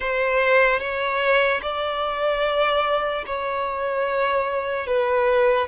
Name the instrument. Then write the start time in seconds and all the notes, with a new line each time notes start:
violin
0.00 C5
0.79 C#5
1.62 D5
3.26 C#5
4.86 B4